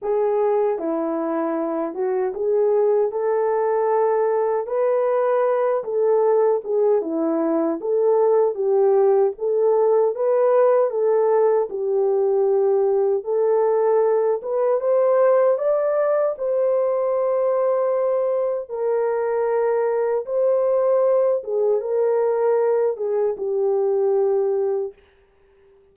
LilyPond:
\new Staff \with { instrumentName = "horn" } { \time 4/4 \tempo 4 = 77 gis'4 e'4. fis'8 gis'4 | a'2 b'4. a'8~ | a'8 gis'8 e'4 a'4 g'4 | a'4 b'4 a'4 g'4~ |
g'4 a'4. b'8 c''4 | d''4 c''2. | ais'2 c''4. gis'8 | ais'4. gis'8 g'2 | }